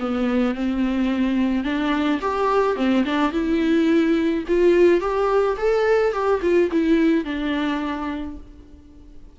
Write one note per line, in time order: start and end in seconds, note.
0.00 0.55 B3
0.55 1.64 C4
1.64 2.20 D4
2.21 2.76 G4
2.76 3.04 C4
3.05 3.32 D4
3.32 4.44 E4
4.48 5.01 F4
5.01 5.57 G4
5.57 6.12 A4
6.12 6.41 G4
6.42 6.70 F4
6.72 7.24 E4
7.24 8.37 D4